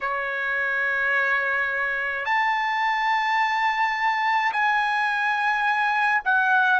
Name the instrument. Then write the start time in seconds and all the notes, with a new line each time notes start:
trumpet
0.00 C#5
2.25 A5
4.52 G#5
6.24 F#5